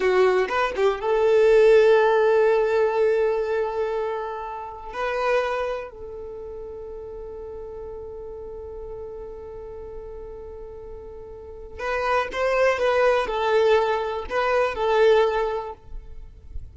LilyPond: \new Staff \with { instrumentName = "violin" } { \time 4/4 \tempo 4 = 122 fis'4 b'8 g'8 a'2~ | a'1~ | a'2 b'2 | a'1~ |
a'1~ | a'1 | b'4 c''4 b'4 a'4~ | a'4 b'4 a'2 | }